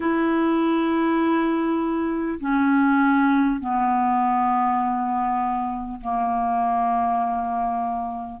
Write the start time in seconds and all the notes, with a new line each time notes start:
0.00 E4
2.40 C#4
3.60 B3
6.00 A#3